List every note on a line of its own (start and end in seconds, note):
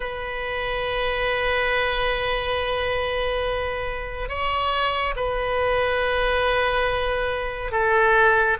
0.00 4.29 B4
4.29 5.14 C#5
5.16 7.71 B4
7.71 8.57 A4